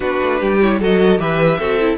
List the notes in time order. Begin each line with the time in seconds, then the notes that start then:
0.00 B3 D4 F#4 B4
0.21 A3
0.40 G3 G4
0.61 E4 C#5
0.79 F#3 F#4 A4 D#5
1.18 E3 G4 B4 E5
1.58 C4 F#4 A4
1.80 E4